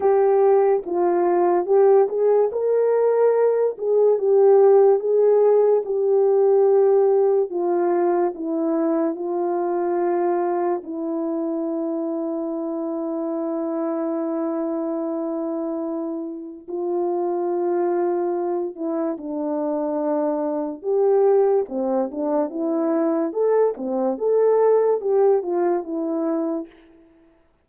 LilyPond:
\new Staff \with { instrumentName = "horn" } { \time 4/4 \tempo 4 = 72 g'4 f'4 g'8 gis'8 ais'4~ | ais'8 gis'8 g'4 gis'4 g'4~ | g'4 f'4 e'4 f'4~ | f'4 e'2.~ |
e'1 | f'2~ f'8 e'8 d'4~ | d'4 g'4 c'8 d'8 e'4 | a'8 c'8 a'4 g'8 f'8 e'4 | }